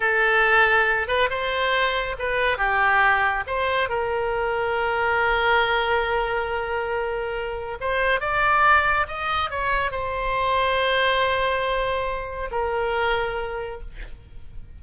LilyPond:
\new Staff \with { instrumentName = "oboe" } { \time 4/4 \tempo 4 = 139 a'2~ a'8 b'8 c''4~ | c''4 b'4 g'2 | c''4 ais'2.~ | ais'1~ |
ais'2 c''4 d''4~ | d''4 dis''4 cis''4 c''4~ | c''1~ | c''4 ais'2. | }